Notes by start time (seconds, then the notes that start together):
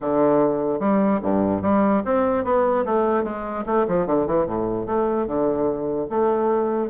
0.00 D3
0.79 G3
1.22 G2
1.62 G3
2.05 C4
2.44 B3
2.85 A3
3.23 G#3
3.66 A3
3.87 F3
4.06 D3
4.26 E3
4.46 A2
4.86 A3
5.26 D3
6.09 A3